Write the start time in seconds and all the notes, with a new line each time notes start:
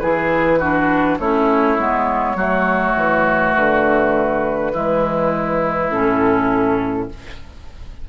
0.00 E3 E4 G#4 B4
0.59 D4 F#4
1.19 A3 C#4 E4 C#5
1.78 G#3 B3
2.35 F#3 A3 F#4
2.96 E3
3.56 D3 B4
4.74 E3 G#3 E4
5.91 A2 C#4 A4